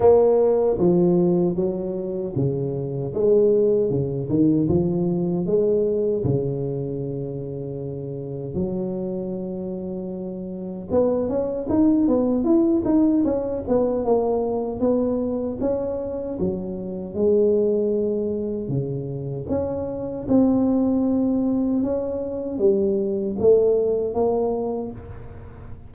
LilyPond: \new Staff \with { instrumentName = "tuba" } { \time 4/4 \tempo 4 = 77 ais4 f4 fis4 cis4 | gis4 cis8 dis8 f4 gis4 | cis2. fis4~ | fis2 b8 cis'8 dis'8 b8 |
e'8 dis'8 cis'8 b8 ais4 b4 | cis'4 fis4 gis2 | cis4 cis'4 c'2 | cis'4 g4 a4 ais4 | }